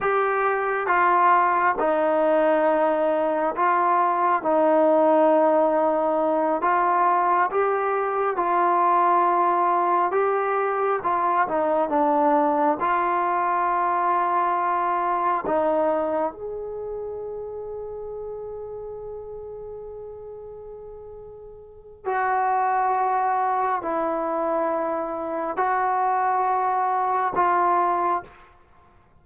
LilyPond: \new Staff \with { instrumentName = "trombone" } { \time 4/4 \tempo 4 = 68 g'4 f'4 dis'2 | f'4 dis'2~ dis'8 f'8~ | f'8 g'4 f'2 g'8~ | g'8 f'8 dis'8 d'4 f'4.~ |
f'4. dis'4 gis'4.~ | gis'1~ | gis'4 fis'2 e'4~ | e'4 fis'2 f'4 | }